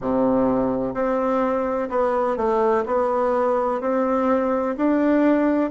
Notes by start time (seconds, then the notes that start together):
0.01 C3
0.94 C4
1.89 B3
2.36 A3
2.86 B3
3.81 C4
4.76 D4